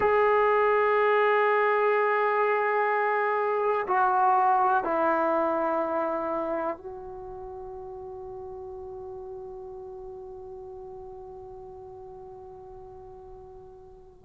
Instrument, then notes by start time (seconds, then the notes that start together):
trombone
0.00 G#4
3.87 F#4
4.83 E4
6.77 F#4